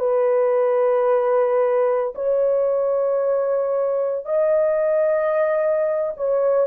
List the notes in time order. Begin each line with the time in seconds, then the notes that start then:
0.00 B4
2.15 C#5
4.26 D#5
6.17 C#5